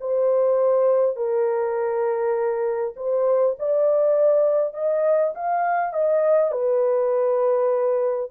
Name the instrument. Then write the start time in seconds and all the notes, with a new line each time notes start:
horn
0.00 C5
1.16 A#4
2.96 C5
3.59 D5
4.74 D#5
5.35 F5
5.93 D#5
6.52 B4